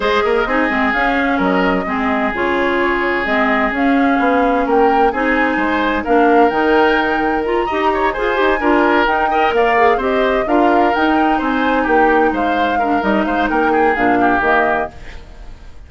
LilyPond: <<
  \new Staff \with { instrumentName = "flute" } { \time 4/4 \tempo 4 = 129 dis''2 f''4 dis''4~ | dis''4 cis''2 dis''4 | f''2 g''4 gis''4~ | gis''4 f''4 g''2 |
ais''4. gis''2 g''8~ | g''8 f''4 dis''4 f''4 g''8~ | g''8 gis''4 g''4 f''4. | dis''8 f''8 g''4 f''4 dis''4 | }
  \new Staff \with { instrumentName = "oboe" } { \time 4/4 c''8 ais'8 gis'2 ais'4 | gis'1~ | gis'2 ais'4 gis'4 | c''4 ais'2.~ |
ais'8 dis''8 cis''8 c''4 ais'4. | dis''8 d''4 c''4 ais'4.~ | ais'8 c''4 g'4 c''4 ais'8~ | ais'8 c''8 ais'8 gis'4 g'4. | }
  \new Staff \with { instrumentName = "clarinet" } { \time 4/4 gis'4 dis'8 c'8 cis'2 | c'4 f'2 c'4 | cis'2. dis'4~ | dis'4 d'4 dis'2 |
f'8 g'4 gis'8 g'8 f'4 dis'8 | ais'4 gis'8 g'4 f'4 dis'8~ | dis'2.~ dis'8 d'8 | dis'2 d'4 ais4 | }
  \new Staff \with { instrumentName = "bassoon" } { \time 4/4 gis8 ais8 c'8 gis8 cis'4 fis4 | gis4 cis2 gis4 | cis'4 b4 ais4 c'4 | gis4 ais4 dis2~ |
dis8 dis'4 f'8 dis'8 d'4 dis'8~ | dis'8 ais4 c'4 d'4 dis'8~ | dis'8 c'4 ais4 gis4. | g8 gis8 ais4 ais,4 dis4 | }
>>